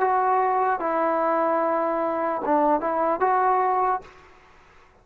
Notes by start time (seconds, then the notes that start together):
0.00 F#4
0.80 E4
2.45 D4
2.80 E4
3.20 F#4